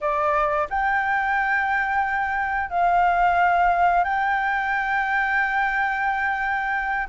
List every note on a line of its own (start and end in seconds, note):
0.00 0.68 D5
0.69 2.70 G5
2.70 4.04 F5
4.04 7.07 G5